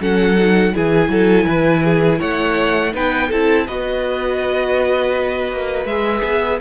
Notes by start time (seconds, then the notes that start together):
0.00 F#3 C#4 A4 F#5
0.38 D#4
0.73 E3 E4 G#4 G#5
1.09 F#3 A4
1.46 E3 B4
1.84 G#4
2.19 A3 C#5 F#5
2.93 B3 D#4 B4 G5
3.28 C4 E4 A4 A5
3.67 B3 F#4 B4 D#5
5.52 A#3
5.85 G#3 G#4 E5
6.23 B3